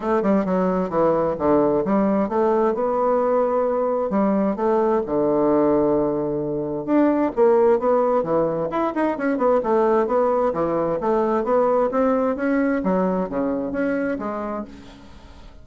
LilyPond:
\new Staff \with { instrumentName = "bassoon" } { \time 4/4 \tempo 4 = 131 a8 g8 fis4 e4 d4 | g4 a4 b2~ | b4 g4 a4 d4~ | d2. d'4 |
ais4 b4 e4 e'8 dis'8 | cis'8 b8 a4 b4 e4 | a4 b4 c'4 cis'4 | fis4 cis4 cis'4 gis4 | }